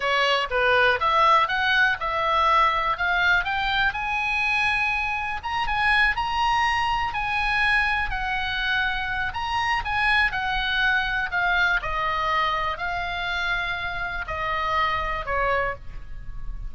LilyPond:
\new Staff \with { instrumentName = "oboe" } { \time 4/4 \tempo 4 = 122 cis''4 b'4 e''4 fis''4 | e''2 f''4 g''4 | gis''2. ais''8 gis''8~ | gis''8 ais''2 gis''4.~ |
gis''8 fis''2~ fis''8 ais''4 | gis''4 fis''2 f''4 | dis''2 f''2~ | f''4 dis''2 cis''4 | }